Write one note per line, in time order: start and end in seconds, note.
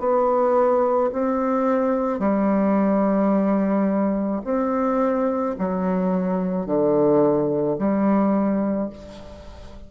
0.00 1.11 B3
1.13 2.20 C4
2.20 4.42 G3
4.45 5.56 C4
5.59 6.66 F#3
6.66 7.77 D3
7.79 8.90 G3